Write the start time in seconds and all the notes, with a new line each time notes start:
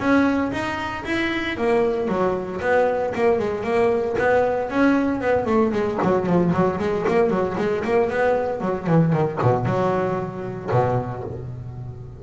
0.00 C#4
0.52 D#4
1.05 E4
1.58 A#3
2.08 F#3
2.61 B3
3.15 A#3
3.39 G#3
3.64 A#3
4.19 B3
4.70 C#4
5.21 B3
5.46 A3
5.73 G#3
6.03 F#3
6.27 F3
6.53 F#3
6.80 G#3
7.09 A#3
7.30 F#3
7.58 G#3
7.85 A#3
8.10 B3
8.61 F#3
8.87 E3
9.13 D#3
9.42 B2
9.66 F#3
10.71 B2